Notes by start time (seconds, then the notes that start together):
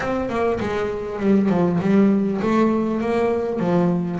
0.00 C4
0.29 A#3
0.59 G#3
1.19 G3
1.49 F3
1.80 G3
2.41 A3
3.01 A#3
3.59 F3